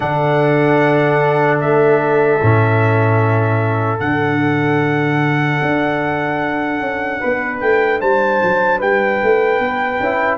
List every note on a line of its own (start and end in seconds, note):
0.00 1.60 D3
0.00 2.39 D4
0.00 7.20 A4
0.00 1.59 F#5
1.60 2.40 A3
1.60 3.99 E5
2.41 4.00 A2
2.41 3.99 C#4
3.99 5.60 D3
3.99 9.99 D4
3.99 7.59 F#5
5.61 6.80 D4
6.80 7.20 C#4
7.20 7.61 B3
7.20 8.00 B4
7.60 8.01 A3
7.60 8.00 G5
8.00 8.41 G3
8.00 8.78 C5
8.00 8.80 A5
8.42 8.81 F#3
8.78 9.21 G3
8.78 10.38 B4
8.78 10.38 G5
9.22 9.59 A3
9.59 9.99 B3
10.00 10.38 C#4
10.00 10.38 E4